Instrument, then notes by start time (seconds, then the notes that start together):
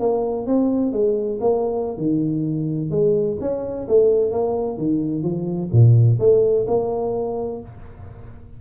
tuba
0.00 A#3
0.47 C4
0.93 G#3
1.41 A#3
1.98 D#3
2.91 G#3
3.41 C#4
3.88 A3
4.31 A#3
4.78 D#3
5.23 F3
5.73 A#2
6.20 A3
6.68 A#3